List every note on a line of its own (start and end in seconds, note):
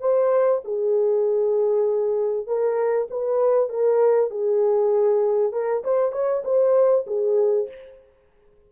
0.00 0.61 C5
0.65 2.47 G#4
2.47 3.08 A#4
3.10 3.69 B4
3.69 4.30 A#4
4.30 5.52 G#4
5.52 5.83 A#4
5.84 6.12 C5
6.12 6.43 C#5
6.45 7.06 C5
7.07 7.68 G#4